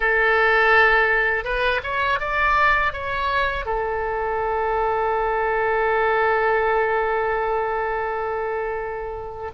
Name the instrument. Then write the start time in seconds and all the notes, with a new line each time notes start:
oboe
0.00 A4
1.44 B4
1.83 C#5
2.19 D5
2.92 C#5
3.65 A4